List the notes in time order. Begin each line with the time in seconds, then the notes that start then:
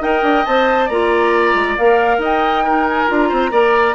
0.00 D#4 A#4 D#5 G5
0.22 D4
0.45 C4 C5 A5
0.85 A#3 D5 A#5
0.91 F4
1.54 G#3
1.77 A#3 A#4 F5
2.17 D#4 D#5
2.24 G5
2.63 D#4 A#4
2.87 G#5
3.07 D4 F4 A#5
3.28 C4 C5
3.51 A#3 A#4 D5